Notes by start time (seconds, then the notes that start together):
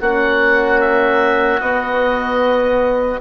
0.00 A#3 C#4 F#4 F#5
0.81 E5
1.60 B3 D#5